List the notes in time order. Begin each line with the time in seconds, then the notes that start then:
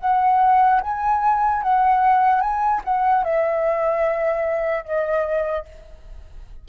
0.00 F#5
0.81 G#5
1.63 F#5
2.41 G#5
2.85 F#5
3.24 E5
4.84 D#5